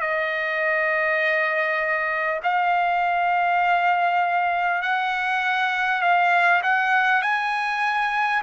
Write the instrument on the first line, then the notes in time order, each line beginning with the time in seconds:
trumpet
0.00 D#5
2.43 F5
4.82 F#5
6.01 F5
6.62 F#5
7.22 G#5